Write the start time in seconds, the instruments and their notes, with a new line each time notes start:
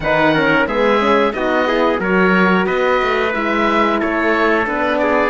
0.00 cello D#3, horn D#4, trumpet B4, oboe F#5
0.34 horn C#4, trumpet A#4
0.66 cello G#3, horn B3, trumpet G#4, oboe E5
0.99 horn C#4
1.33 cello B3, horn D#4, trumpet F#4, oboe D#5
1.66 horn E4, trumpet G#4
1.97 cello F#3, horn F#4, trumpet A#4, oboe C#5
2.66 cello B3, trumpet B4, oboe D#5
3.02 cello A3
3.33 cello G#3, horn E4, oboe E5
3.99 cello A3, trumpet A4, oboe C#5
4.65 cello B3, horn D4, oboe B4
4.98 trumpet G#4, oboe D5